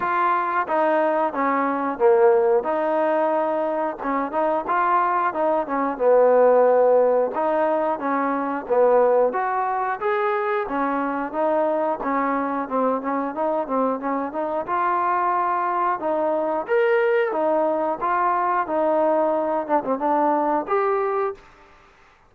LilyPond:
\new Staff \with { instrumentName = "trombone" } { \time 4/4 \tempo 4 = 90 f'4 dis'4 cis'4 ais4 | dis'2 cis'8 dis'8 f'4 | dis'8 cis'8 b2 dis'4 | cis'4 b4 fis'4 gis'4 |
cis'4 dis'4 cis'4 c'8 cis'8 | dis'8 c'8 cis'8 dis'8 f'2 | dis'4 ais'4 dis'4 f'4 | dis'4. d'16 c'16 d'4 g'4 | }